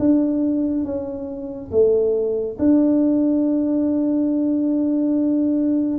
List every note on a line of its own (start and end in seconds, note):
0.00 0.85 D4
0.85 1.71 C#4
1.72 2.58 A3
2.59 5.99 D4